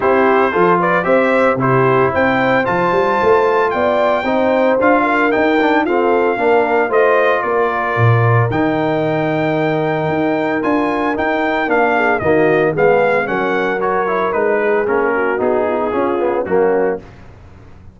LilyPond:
<<
  \new Staff \with { instrumentName = "trumpet" } { \time 4/4 \tempo 4 = 113 c''4. d''8 e''4 c''4 | g''4 a''2 g''4~ | g''4 f''4 g''4 f''4~ | f''4 dis''4 d''2 |
g''1 | gis''4 g''4 f''4 dis''4 | f''4 fis''4 cis''4 b'4 | ais'4 gis'2 fis'4 | }
  \new Staff \with { instrumentName = "horn" } { \time 4/4 g'4 a'8 b'8 c''4 g'4 | c''2. d''4 | c''4. ais'4. a'4 | ais'4 c''4 ais'2~ |
ais'1~ | ais'2~ ais'8 gis'8 fis'4 | gis'4 ais'2~ ais'8 gis'8~ | gis'8 fis'4 f'16 dis'16 f'4 cis'4 | }
  \new Staff \with { instrumentName = "trombone" } { \time 4/4 e'4 f'4 g'4 e'4~ | e'4 f'2. | dis'4 f'4 dis'8 d'8 c'4 | d'4 f'2. |
dis'1 | f'4 dis'4 d'4 ais4 | b4 cis'4 fis'8 e'8 dis'4 | cis'4 dis'4 cis'8 b8 ais4 | }
  \new Staff \with { instrumentName = "tuba" } { \time 4/4 c'4 f4 c'4 c4 | c'4 f8 g8 a4 b4 | c'4 d'4 dis'4 f'4 | ais4 a4 ais4 ais,4 |
dis2. dis'4 | d'4 dis'4 ais4 dis4 | gis4 fis2 gis4 | ais4 b4 cis'4 fis4 | }
>>